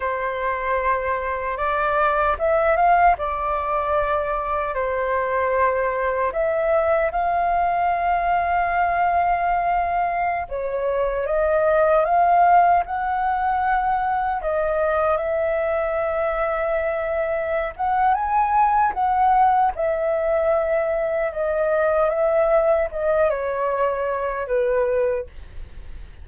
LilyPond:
\new Staff \with { instrumentName = "flute" } { \time 4/4 \tempo 4 = 76 c''2 d''4 e''8 f''8 | d''2 c''2 | e''4 f''2.~ | f''4~ f''16 cis''4 dis''4 f''8.~ |
f''16 fis''2 dis''4 e''8.~ | e''2~ e''8 fis''8 gis''4 | fis''4 e''2 dis''4 | e''4 dis''8 cis''4. b'4 | }